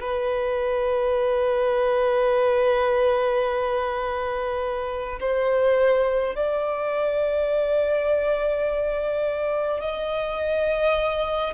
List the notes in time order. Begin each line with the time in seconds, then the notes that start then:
0.00 B4
5.20 C5
6.35 D5
9.80 D#5